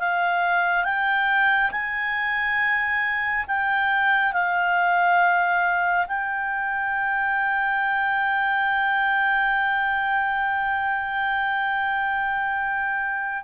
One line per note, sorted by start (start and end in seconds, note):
0.00 0.85 F5
0.85 1.72 G5
1.72 3.46 G#5
3.48 4.33 G5
4.33 6.07 F5
6.08 13.44 G5